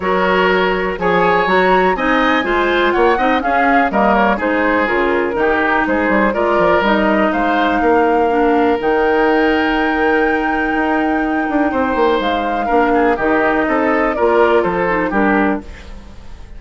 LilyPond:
<<
  \new Staff \with { instrumentName = "flute" } { \time 4/4 \tempo 4 = 123 cis''2 gis''4 ais''4 | gis''2 fis''4 f''4 | dis''8 cis''8 c''4 ais'2 | c''4 d''4 dis''4 f''4~ |
f''2 g''2~ | g''1~ | g''4 f''2 dis''4~ | dis''4 d''4 c''4 ais'4 | }
  \new Staff \with { instrumentName = "oboe" } { \time 4/4 ais'2 cis''2 | dis''4 c''4 cis''8 dis''8 gis'4 | ais'4 gis'2 g'4 | gis'4 ais'2 c''4 |
ais'1~ | ais'1 | c''2 ais'8 gis'8 g'4 | a'4 ais'4 a'4 g'4 | }
  \new Staff \with { instrumentName = "clarinet" } { \time 4/4 fis'2 gis'4 fis'4 | dis'4 f'4. dis'8 cis'4 | ais4 dis'4 f'4 dis'4~ | dis'4 f'4 dis'2~ |
dis'4 d'4 dis'2~ | dis'1~ | dis'2 d'4 dis'4~ | dis'4 f'4. dis'8 d'4 | }
  \new Staff \with { instrumentName = "bassoon" } { \time 4/4 fis2 f4 fis4 | c'4 gis4 ais8 c'8 cis'4 | g4 gis4 cis4 dis4 | gis8 g8 gis8 f8 g4 gis4 |
ais2 dis2~ | dis2 dis'4. d'8 | c'8 ais8 gis4 ais4 dis4 | c'4 ais4 f4 g4 | }
>>